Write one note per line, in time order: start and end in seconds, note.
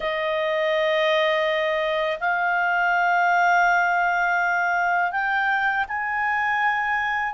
0.00 2.18 D#5
2.20 5.11 F5
5.11 5.84 G5
5.88 7.34 G#5